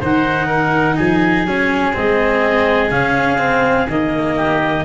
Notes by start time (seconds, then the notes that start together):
0.00 D#3 D#4 C5 F#5
0.47 A#4
0.97 F3 G#4 G#5
1.46 F#3 C#4
1.93 G#3 C4 D#5
2.90 C#3 C#4 F5
3.38 C4
3.87 D#3 A#3 D#5
4.36 G4